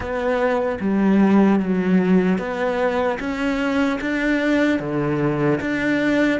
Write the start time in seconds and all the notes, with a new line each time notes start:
0.00 B3
0.80 G3
1.59 F#3
2.38 B3
3.19 C#4
4.00 D4
4.79 D3
5.60 D4